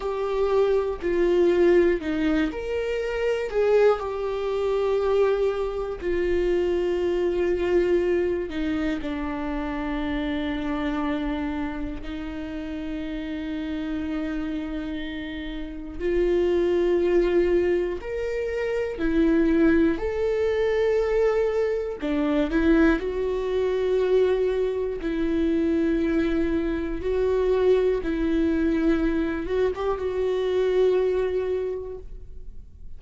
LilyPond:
\new Staff \with { instrumentName = "viola" } { \time 4/4 \tempo 4 = 60 g'4 f'4 dis'8 ais'4 gis'8 | g'2 f'2~ | f'8 dis'8 d'2. | dis'1 |
f'2 ais'4 e'4 | a'2 d'8 e'8 fis'4~ | fis'4 e'2 fis'4 | e'4. fis'16 g'16 fis'2 | }